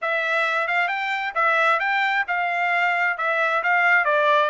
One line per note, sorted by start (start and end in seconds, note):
0.01 0.67 E5
0.67 0.88 F5
0.88 1.33 G5
1.35 1.79 E5
1.79 2.24 G5
2.27 3.17 F5
3.17 3.62 E5
3.63 4.05 F5
4.05 4.50 D5